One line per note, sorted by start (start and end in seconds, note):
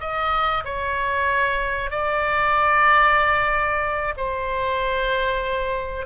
0.00 0.64 D#5
0.64 1.91 C#5
1.91 4.14 D5
4.17 6.06 C5